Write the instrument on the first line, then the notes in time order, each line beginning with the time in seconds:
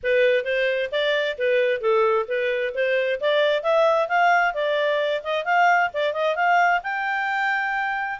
clarinet
0.03 B4
0.44 C5
0.91 D5
1.38 B4
1.80 A4
2.28 B4
2.74 C5
3.20 D5
3.63 E5
4.08 F5
4.54 D5
5.23 D#5
5.44 F5
5.93 D5
6.13 D#5
6.35 F5
6.83 G5